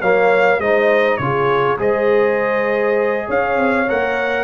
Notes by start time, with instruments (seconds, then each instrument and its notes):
0.00 tuba F#3, trombone A#3, horn C#5, trumpet F5
0.58 tuba G#3, trombone D#4, horn C5, trumpet D#5
1.17 tuba C#3, trombone F4, horn G#4, trumpet C#5
1.78 tuba G#3, trombone G#4, horn C5, trumpet D#5
3.26 tuba C#4, horn C#5, trumpet F5
3.58 tuba C4
3.88 tuba A#3, trombone A#4, trumpet F#5